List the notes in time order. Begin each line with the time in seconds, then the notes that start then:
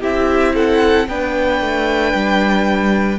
0.00 C4 E4 G4 E5
0.54 A4 F#5
1.08 B3 D4 B4 G5
1.60 A3
2.13 G3